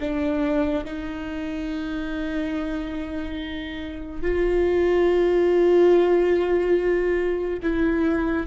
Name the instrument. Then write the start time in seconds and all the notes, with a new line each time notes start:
viola
0.00 D4
0.85 D#4
4.21 F4
7.62 E4